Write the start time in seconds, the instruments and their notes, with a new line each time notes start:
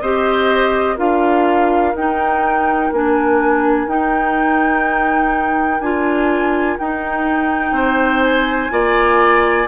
0.00 bassoon C4, clarinet G4, oboe C5, flute D#5
0.95 bassoon D4, clarinet F4, oboe A#4, flute F5
1.94 bassoon D#4, clarinet D#4, flute G5
2.92 bassoon A#3, clarinet D4, flute G#5
3.87 bassoon D#4, clarinet D#4, flute G5
5.80 bassoon D4, clarinet F4, flute G#5
6.78 bassoon D#4, clarinet D#4, flute G5
7.71 bassoon C4, oboe C5
8.22 flute G#5
8.70 bassoon A#3, clarinet F4, oboe D5